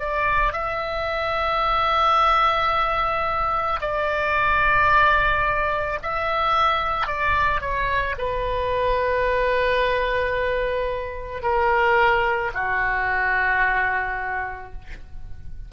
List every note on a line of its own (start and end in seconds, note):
0.00 0.54 D5
0.54 3.81 E5
3.81 6.00 D5
6.02 7.08 E5
7.08 7.61 D5
7.61 8.16 C#5
8.18 11.42 B4
11.42 12.52 A#4
12.55 14.73 F#4